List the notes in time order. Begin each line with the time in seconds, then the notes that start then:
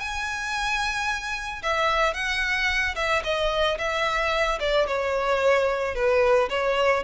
0.00 G#5
1.63 E5
2.14 F#5
2.96 E5
3.24 D#5
3.78 E5
4.60 D5
4.87 C#5
5.95 B4
6.49 C#5